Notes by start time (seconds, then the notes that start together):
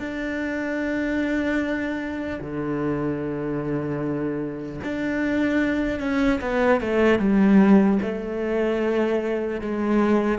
0.00 D4
2.41 D3
4.84 D4
6.00 C#4
6.41 B3
6.81 A3
7.19 G3
8.03 A3
9.61 G#3